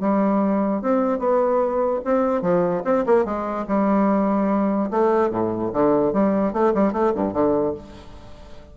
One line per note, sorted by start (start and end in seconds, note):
0.00 0.82 G3
0.82 1.19 C4
1.19 2.01 B3
2.05 2.42 C4
2.42 2.83 F3
2.85 3.05 C4
3.06 3.25 A#3
3.25 3.66 G#3
3.68 4.90 G3
4.91 5.31 A3
5.31 5.71 A2
5.73 6.13 D3
6.13 6.53 G3
6.53 6.73 A3
6.74 6.93 G3
6.93 7.13 A3
7.15 7.33 G2
7.33 7.74 D3